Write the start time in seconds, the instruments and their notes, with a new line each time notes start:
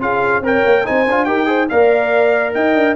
0.00 tuba C#4, trombone F4, horn G#4, trumpet F5
0.40 tuba C4, trombone A#4, horn C#5, trumpet G5
0.65 tuba A#3
0.84 tuba C4, trombone D#4, horn C5, trumpet G#5
1.07 tuba D4, trombone F4
1.24 tuba D#4, trombone G4, horn A#4, trumpet G5
1.46 trombone G#4, horn C5
1.69 tuba A#3, trombone A#4, horn D5, trumpet F5
2.54 tuba D#4, horn D#5, trumpet G5
2.74 tuba D4